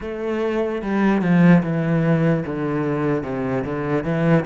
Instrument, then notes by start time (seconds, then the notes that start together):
cello
0.00 A3
0.81 G3
1.21 F3
1.63 E3
2.46 D3
3.22 C3
3.64 D3
4.04 E3